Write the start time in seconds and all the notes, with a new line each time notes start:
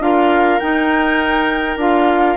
0.00 D4 F4 A#4 F5
0.60 D#4 G5
1.77 D4 F4 F5